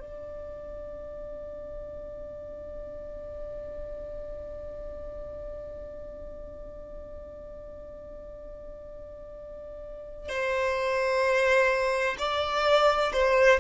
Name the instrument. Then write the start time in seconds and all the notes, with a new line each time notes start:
violin
0.00 D5
10.29 C5
12.18 D5
13.12 C5